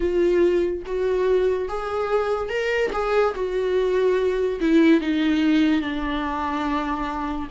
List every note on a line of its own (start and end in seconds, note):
0.00 0.83 F4
0.86 1.68 F#4
1.68 2.49 G#4
2.49 2.91 A#4
2.92 3.34 G#4
3.34 4.59 F#4
4.60 5.00 E4
5.00 5.81 D#4
5.81 7.48 D4